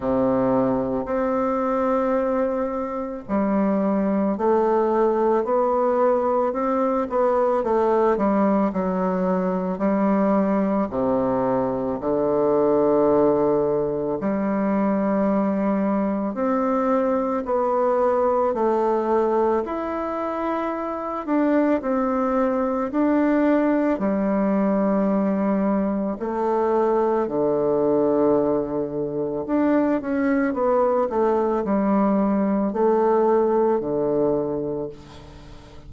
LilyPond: \new Staff \with { instrumentName = "bassoon" } { \time 4/4 \tempo 4 = 55 c4 c'2 g4 | a4 b4 c'8 b8 a8 g8 | fis4 g4 c4 d4~ | d4 g2 c'4 |
b4 a4 e'4. d'8 | c'4 d'4 g2 | a4 d2 d'8 cis'8 | b8 a8 g4 a4 d4 | }